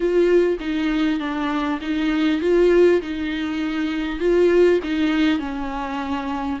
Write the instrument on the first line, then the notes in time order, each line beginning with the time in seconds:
viola
0.00 F4
0.59 D#4
1.19 D4
1.81 D#4
2.41 F4
3.01 D#4
4.19 F4
4.83 D#4
5.39 C#4